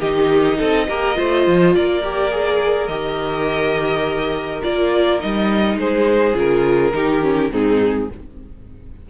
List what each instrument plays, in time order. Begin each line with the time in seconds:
0.00 cello D#3, viola D#4, violin G4 D#5
0.58 cello C4, violin A4
0.88 cello A#3, viola G4, violin A#4
1.15 cello A3, viola F4, violin C5
1.47 cello F3
1.75 cello A#3, violin A#4 D5
2.03 viola G4
2.31 viola G#4
2.87 cello D#3, viola G4, violin D#5
4.62 cello A#3, viola F4, violin D5
5.20 cello G3, viola D#4, violin D#5
5.76 cello G#3, violin G#4 C5
6.34 cello C#3, viola F4, violin A#4
6.93 cello D#3, viola D#4, violin G4
7.22 viola C#4
7.51 cello G#2, viola C4, violin D#4 G#4